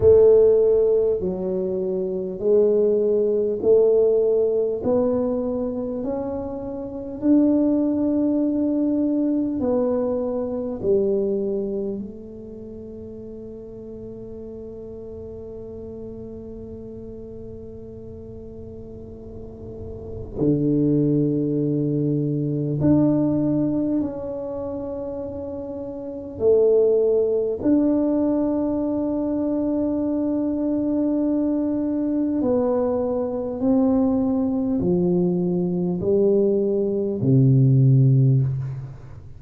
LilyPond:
\new Staff \with { instrumentName = "tuba" } { \time 4/4 \tempo 4 = 50 a4 fis4 gis4 a4 | b4 cis'4 d'2 | b4 g4 a2~ | a1~ |
a4 d2 d'4 | cis'2 a4 d'4~ | d'2. b4 | c'4 f4 g4 c4 | }